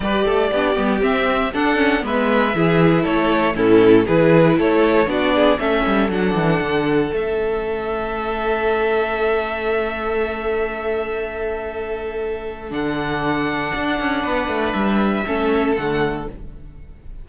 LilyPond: <<
  \new Staff \with { instrumentName = "violin" } { \time 4/4 \tempo 4 = 118 d''2 e''4 fis''4 | e''2 cis''4 a'4 | b'4 cis''4 d''4 e''4 | fis''2 e''2~ |
e''1~ | e''1~ | e''4 fis''2.~ | fis''4 e''2 fis''4 | }
  \new Staff \with { instrumentName = "violin" } { \time 4/4 b'8 a'8 g'2 a'4 | b'4 gis'4 a'4 e'4 | gis'4 a'4 fis'8 gis'8 a'4~ | a'1~ |
a'1~ | a'1~ | a'1 | b'2 a'2 | }
  \new Staff \with { instrumentName = "viola" } { \time 4/4 g'4 d'8 b8 c'4 d'8 cis'8 | b4 e'2 cis'4 | e'2 d'4 cis'4 | d'2 cis'2~ |
cis'1~ | cis'1~ | cis'4 d'2.~ | d'2 cis'4 a4 | }
  \new Staff \with { instrumentName = "cello" } { \time 4/4 g8 a8 b8 g8 c'4 d'4 | gis4 e4 a4 a,4 | e4 a4 b4 a8 g8 | fis8 e8 d4 a2~ |
a1~ | a1~ | a4 d2 d'8 cis'8 | b8 a8 g4 a4 d4 | }
>>